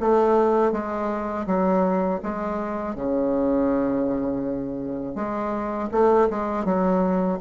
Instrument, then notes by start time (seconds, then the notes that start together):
bassoon
0.00 A3
0.72 G#3
1.46 F#3
2.23 G#3
2.96 C#3
5.15 G#3
5.92 A3
6.30 G#3
6.65 F#3